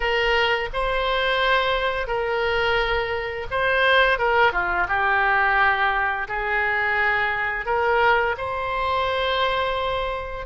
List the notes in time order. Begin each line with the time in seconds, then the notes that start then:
0.00 A#4
0.73 C5
2.07 A#4
3.51 C5
4.18 A#4
4.52 F4
4.88 G4
6.28 G#4
7.65 A#4
8.37 C5